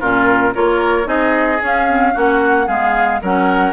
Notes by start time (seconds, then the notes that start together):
0.00 A#2 C#4 F4 A#4
0.53 A#3 F4 A#4 C#5
1.04 C4 D#4 G#4 D#5
1.61 C#4 F5
1.88 C4
2.13 A#3 C#4 F#4 F#5
2.66 G#3 B3 G#4 F5
3.22 F#3 C#4 A#4 F#5